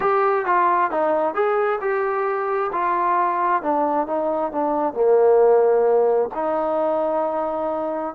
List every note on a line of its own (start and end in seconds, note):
0.00 0.45 G4
0.45 0.90 F4
0.90 1.34 D#4
1.34 1.79 G#4
1.80 2.71 G4
2.72 3.62 F4
3.62 4.06 D4
4.06 4.52 D#4
4.52 4.93 D4
4.93 6.29 A#3
6.34 8.14 D#4